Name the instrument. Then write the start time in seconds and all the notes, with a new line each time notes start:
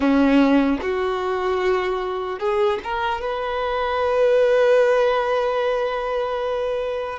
violin
0.00 C#4
0.81 F#4
2.39 G#4
2.83 A#4
3.21 B4